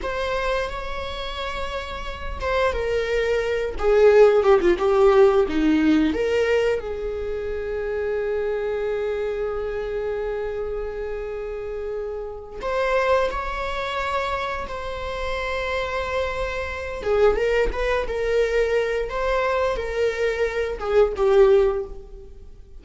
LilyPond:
\new Staff \with { instrumentName = "viola" } { \time 4/4 \tempo 4 = 88 c''4 cis''2~ cis''8 c''8 | ais'4. gis'4 g'16 f'16 g'4 | dis'4 ais'4 gis'2~ | gis'1~ |
gis'2~ gis'8 c''4 cis''8~ | cis''4. c''2~ c''8~ | c''4 gis'8 ais'8 b'8 ais'4. | c''4 ais'4. gis'8 g'4 | }